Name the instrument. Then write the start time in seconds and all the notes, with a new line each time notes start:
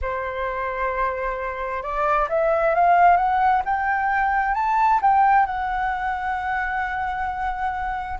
flute
0.01 C5
1.82 D5
2.29 E5
2.74 F5
3.16 F#5
3.65 G5
4.54 A5
5.01 G5
5.45 F#5